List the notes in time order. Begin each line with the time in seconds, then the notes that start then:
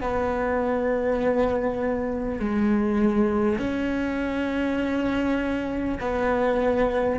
0.00 B3
2.39 G#3
3.58 C#4
5.99 B3